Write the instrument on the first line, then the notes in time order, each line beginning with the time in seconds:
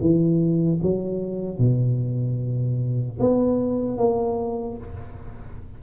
tuba
0.00 E3
0.82 F#3
1.58 B2
3.19 B3
3.97 A#3